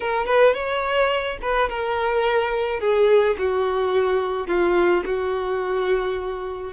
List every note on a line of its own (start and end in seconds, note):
0.00 0.26 A#4
0.26 0.54 B4
0.54 1.38 C#5
1.41 1.69 B4
1.69 2.80 A#4
2.80 3.36 G#4
3.38 4.47 F#4
4.47 5.03 F4
5.05 6.73 F#4